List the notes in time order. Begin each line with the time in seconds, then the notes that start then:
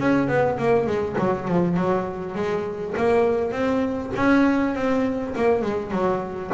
0.00 C#4
0.29 B3
0.59 A#3
0.87 G#3
1.19 F#3
1.48 F3
1.77 F#3
2.35 G#3
2.97 A#3
3.52 C4
4.16 C#4
4.75 C4
5.36 A#3
5.62 G#3
5.91 F#3